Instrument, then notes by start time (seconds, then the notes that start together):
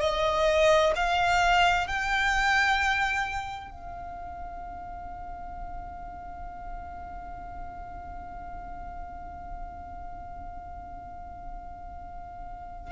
violin
0.00 D#5
0.95 F5
1.87 G5
3.70 F5